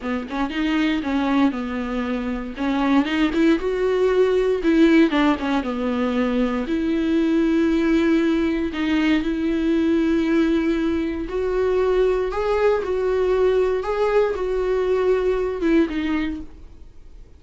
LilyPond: \new Staff \with { instrumentName = "viola" } { \time 4/4 \tempo 4 = 117 b8 cis'8 dis'4 cis'4 b4~ | b4 cis'4 dis'8 e'8 fis'4~ | fis'4 e'4 d'8 cis'8 b4~ | b4 e'2.~ |
e'4 dis'4 e'2~ | e'2 fis'2 | gis'4 fis'2 gis'4 | fis'2~ fis'8 e'8 dis'4 | }